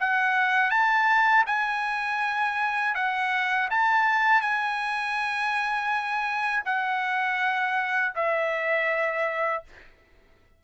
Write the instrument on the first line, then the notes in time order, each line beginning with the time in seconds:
trumpet
0.00 F#5
0.70 A5
1.47 G#5
2.95 F#5
3.70 A5
4.41 G#5
6.66 F#5
8.15 E5